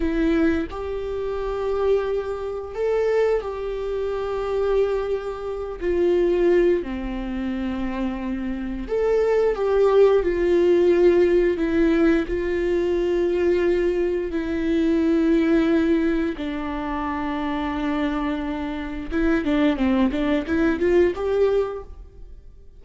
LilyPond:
\new Staff \with { instrumentName = "viola" } { \time 4/4 \tempo 4 = 88 e'4 g'2. | a'4 g'2.~ | g'8 f'4. c'2~ | c'4 a'4 g'4 f'4~ |
f'4 e'4 f'2~ | f'4 e'2. | d'1 | e'8 d'8 c'8 d'8 e'8 f'8 g'4 | }